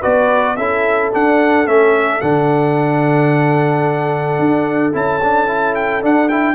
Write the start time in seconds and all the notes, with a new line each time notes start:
0.00 B3 F#4 B4 D5
0.56 C#4 E4 A4 E5
1.12 D4 F#5
1.66 A3 C#4 E5
2.21 D3 D4 F#5
4.39 D4
4.93 C#4 E4 A5
5.23 D4
5.47 E4
5.75 G5
6.02 D4 F#5
6.29 E4 G5